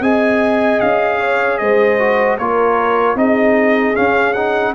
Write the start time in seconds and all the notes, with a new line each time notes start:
0.00 C4 G#4 D#5 G#5
0.80 C#4 F5
1.19 C#5
1.58 G#3 C5 D#5
1.99 F#4
2.38 A#3 F4 A#4 C#5
3.15 C4 D#4 G#4 D#5
3.94 C#4 F5
4.33 D#4 F#5